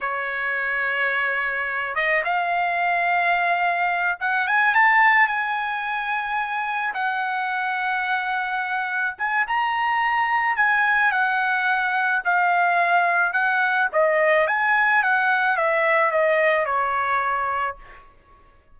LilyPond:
\new Staff \with { instrumentName = "trumpet" } { \time 4/4 \tempo 4 = 108 cis''2.~ cis''8 dis''8 | f''2.~ f''8 fis''8 | gis''8 a''4 gis''2~ gis''8~ | gis''8 fis''2.~ fis''8~ |
fis''8 gis''8 ais''2 gis''4 | fis''2 f''2 | fis''4 dis''4 gis''4 fis''4 | e''4 dis''4 cis''2 | }